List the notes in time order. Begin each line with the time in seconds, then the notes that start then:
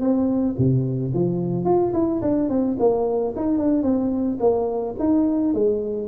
0.00 C4
0.58 C3
1.13 F3
1.65 F4
1.93 E4
2.21 D4
2.49 C4
2.79 A#3
3.36 D#4
3.58 D4
3.83 C4
4.40 A#3
4.99 D#4
5.54 G#3